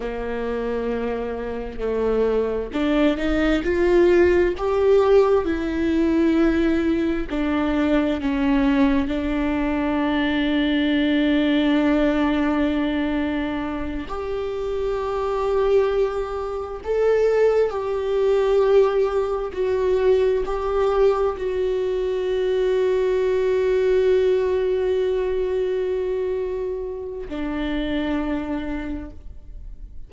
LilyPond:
\new Staff \with { instrumentName = "viola" } { \time 4/4 \tempo 4 = 66 ais2 a4 d'8 dis'8 | f'4 g'4 e'2 | d'4 cis'4 d'2~ | d'2.~ d'8 g'8~ |
g'2~ g'8 a'4 g'8~ | g'4. fis'4 g'4 fis'8~ | fis'1~ | fis'2 d'2 | }